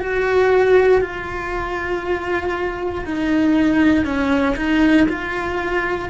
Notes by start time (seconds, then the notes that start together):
0.00 F#4
1.02 F4
3.06 D#4
4.05 C#4
4.56 D#4
5.09 F4